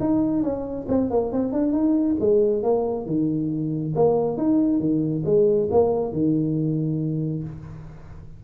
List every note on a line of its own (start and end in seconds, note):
0.00 0.43 D#4
0.43 0.87 C#4
0.88 1.10 C4
1.10 1.32 A#3
1.32 1.52 C4
1.52 1.72 D4
1.72 2.16 D#4
2.20 2.63 G#3
2.63 3.06 A#3
3.06 3.93 D#3
3.95 4.37 A#3
4.37 4.79 D#4
4.79 5.23 D#3
5.25 5.69 G#3
5.71 6.12 A#3
6.12 7.44 D#3